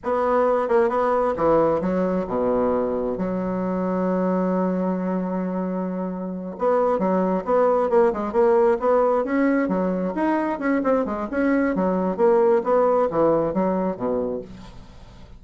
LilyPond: \new Staff \with { instrumentName = "bassoon" } { \time 4/4 \tempo 4 = 133 b4. ais8 b4 e4 | fis4 b,2 fis4~ | fis1~ | fis2~ fis8 b4 fis8~ |
fis8 b4 ais8 gis8 ais4 b8~ | b8 cis'4 fis4 dis'4 cis'8 | c'8 gis8 cis'4 fis4 ais4 | b4 e4 fis4 b,4 | }